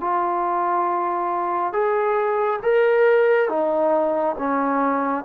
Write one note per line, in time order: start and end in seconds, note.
0.00 1.72 F4
1.72 2.59 G#4
2.62 3.48 A#4
3.48 4.35 D#4
4.38 5.24 C#4